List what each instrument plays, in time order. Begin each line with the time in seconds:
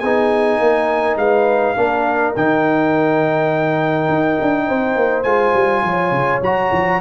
0.00 tuba B3, trombone D#4, horn G#4, trumpet G#5
0.59 tuba A#3, horn A#4
1.17 tuba G#3, horn B4, trumpet F5
1.77 tuba A#3, trombone D4, horn A#4
2.36 tuba D#3, trombone D#4, trumpet G5
4.09 tuba D#4
4.42 tuba D4
4.67 tuba C4, horn C5
4.96 tuba A#3
5.23 tuba G#3, trombone F4, trumpet G#5
5.54 tuba G3
5.84 tuba F3, horn C#5
6.12 tuba C#3
6.42 tuba F#3, trombone F#4, trumpet A#5
6.72 tuba F3